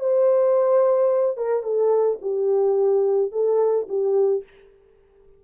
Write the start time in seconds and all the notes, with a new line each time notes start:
0.00 C5
1.37 A#4
1.63 A4
2.21 G4
3.32 A4
3.88 G4